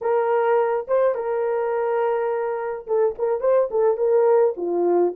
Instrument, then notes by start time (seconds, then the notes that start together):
horn
0.01 A#4
0.87 C5
1.15 A#4
2.86 A4
3.18 A#4
3.40 C5
3.71 A4
3.97 A#4
4.56 F4